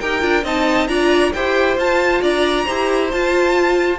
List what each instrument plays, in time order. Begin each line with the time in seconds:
0.00 cello D#4, viola G4, violin A#4 G5
0.21 cello D4, viola F4
0.44 cello C4, viola D#4, violin D#5 A5
0.88 cello D4, viola F4, violin D5 A#5
1.33 cello E4, viola G4, violin C5 G5
1.77 cello F4, viola F4, violin A5
2.22 cello D4, violin D5 A#5
2.65 cello E4, viola G4, violin C5
3.11 cello F4, viola F4, violin A5